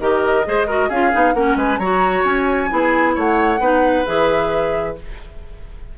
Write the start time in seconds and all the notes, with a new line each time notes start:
0.00 D#3 G4 A#4 D#5
0.45 G#3 G#4 C5
0.67 F#4 A#4
0.89 C#4 F4 G#4 F5
1.12 B3 D#4
1.34 A#3 C#4 A#4 F#5
1.56 G#3 B4 G#5
1.79 F#3 F#4 C#5 A#5
2.24 C#4 G#5
2.70 B3 E4 G#4
3.15 A3 C#5 F#5
3.60 B3 D#4 B4
4.06 E3 G#4 E5